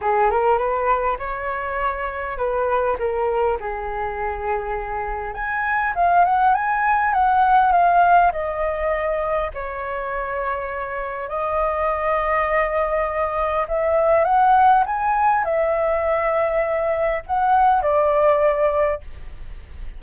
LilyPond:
\new Staff \with { instrumentName = "flute" } { \time 4/4 \tempo 4 = 101 gis'8 ais'8 b'4 cis''2 | b'4 ais'4 gis'2~ | gis'4 gis''4 f''8 fis''8 gis''4 | fis''4 f''4 dis''2 |
cis''2. dis''4~ | dis''2. e''4 | fis''4 gis''4 e''2~ | e''4 fis''4 d''2 | }